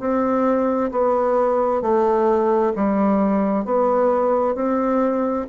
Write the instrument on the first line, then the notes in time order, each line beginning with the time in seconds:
bassoon
0.00 C4
0.92 B3
1.82 A3
2.76 G3
3.65 B3
4.55 C4